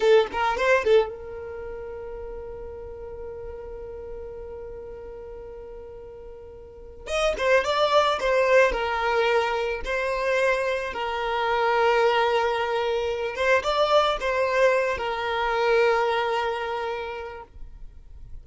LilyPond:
\new Staff \with { instrumentName = "violin" } { \time 4/4 \tempo 4 = 110 a'8 ais'8 c''8 a'8 ais'2~ | ais'1~ | ais'1~ | ais'4 dis''8 c''8 d''4 c''4 |
ais'2 c''2 | ais'1~ | ais'8 c''8 d''4 c''4. ais'8~ | ais'1 | }